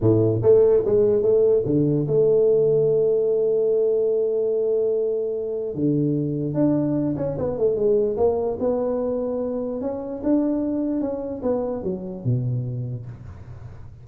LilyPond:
\new Staff \with { instrumentName = "tuba" } { \time 4/4 \tempo 4 = 147 a,4 a4 gis4 a4 | d4 a2.~ | a1~ | a2 d2 |
d'4. cis'8 b8 a8 gis4 | ais4 b2. | cis'4 d'2 cis'4 | b4 fis4 b,2 | }